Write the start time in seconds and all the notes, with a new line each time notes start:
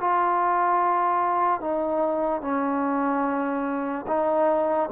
0.00 F4
1.61 D#4
2.41 C#4
4.07 D#4